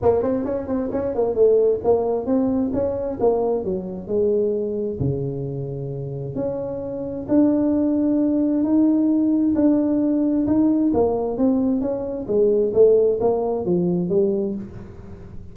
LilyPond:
\new Staff \with { instrumentName = "tuba" } { \time 4/4 \tempo 4 = 132 ais8 c'8 cis'8 c'8 cis'8 ais8 a4 | ais4 c'4 cis'4 ais4 | fis4 gis2 cis4~ | cis2 cis'2 |
d'2. dis'4~ | dis'4 d'2 dis'4 | ais4 c'4 cis'4 gis4 | a4 ais4 f4 g4 | }